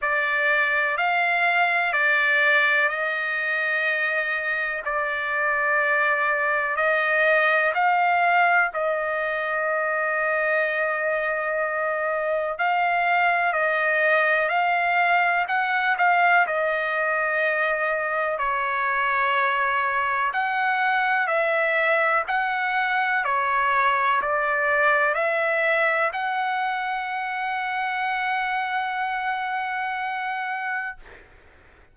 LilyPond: \new Staff \with { instrumentName = "trumpet" } { \time 4/4 \tempo 4 = 62 d''4 f''4 d''4 dis''4~ | dis''4 d''2 dis''4 | f''4 dis''2.~ | dis''4 f''4 dis''4 f''4 |
fis''8 f''8 dis''2 cis''4~ | cis''4 fis''4 e''4 fis''4 | cis''4 d''4 e''4 fis''4~ | fis''1 | }